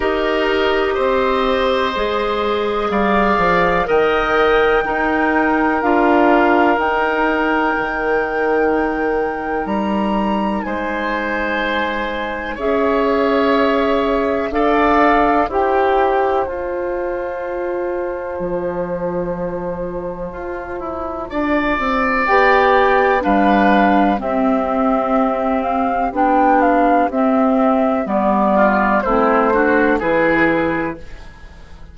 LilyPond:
<<
  \new Staff \with { instrumentName = "flute" } { \time 4/4 \tempo 4 = 62 dis''2. f''4 | g''2 f''4 g''4~ | g''2 ais''4 gis''4~ | gis''4 e''2 f''4 |
g''4 a''2.~ | a''2. g''4 | f''4 e''4. f''8 g''8 f''8 | e''4 d''4 c''4 b'4 | }
  \new Staff \with { instrumentName = "oboe" } { \time 4/4 ais'4 c''2 d''4 | dis''4 ais'2.~ | ais'2. c''4~ | c''4 cis''2 d''4 |
c''1~ | c''2 d''2 | b'4 g'2.~ | g'4. f'8 e'8 fis'8 gis'4 | }
  \new Staff \with { instrumentName = "clarinet" } { \time 4/4 g'2 gis'2 | ais'4 dis'4 f'4 dis'4~ | dis'1~ | dis'4 gis'2 a'4 |
g'4 f'2.~ | f'2. g'4 | d'4 c'2 d'4 | c'4 b4 c'8 d'8 e'4 | }
  \new Staff \with { instrumentName = "bassoon" } { \time 4/4 dis'4 c'4 gis4 g8 f8 | dis4 dis'4 d'4 dis'4 | dis2 g4 gis4~ | gis4 cis'2 d'4 |
e'4 f'2 f4~ | f4 f'8 e'8 d'8 c'8 b4 | g4 c'2 b4 | c'4 g4 a4 e4 | }
>>